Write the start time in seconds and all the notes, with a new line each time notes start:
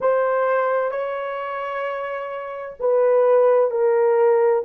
0.00 C5
0.91 C#5
2.79 B4
3.70 A#4